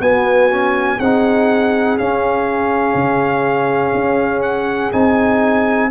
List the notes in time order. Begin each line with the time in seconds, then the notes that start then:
0.00 B3 F#4 G#5
0.50 C#4
0.97 C4 D#4 G#4 F#5
1.98 C#4 F5
2.94 C#3
3.94 C#4
4.42 F#5
4.92 C4 D#4 G#5